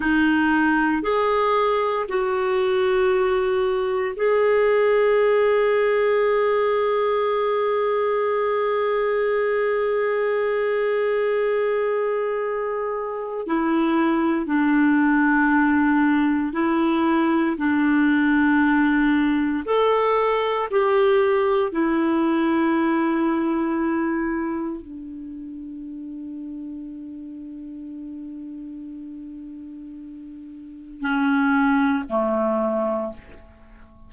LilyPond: \new Staff \with { instrumentName = "clarinet" } { \time 4/4 \tempo 4 = 58 dis'4 gis'4 fis'2 | gis'1~ | gis'1~ | gis'4 e'4 d'2 |
e'4 d'2 a'4 | g'4 e'2. | d'1~ | d'2 cis'4 a4 | }